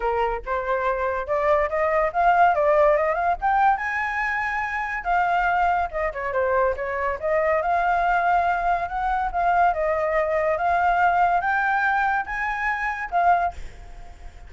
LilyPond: \new Staff \with { instrumentName = "flute" } { \time 4/4 \tempo 4 = 142 ais'4 c''2 d''4 | dis''4 f''4 d''4 dis''8 f''8 | g''4 gis''2. | f''2 dis''8 cis''8 c''4 |
cis''4 dis''4 f''2~ | f''4 fis''4 f''4 dis''4~ | dis''4 f''2 g''4~ | g''4 gis''2 f''4 | }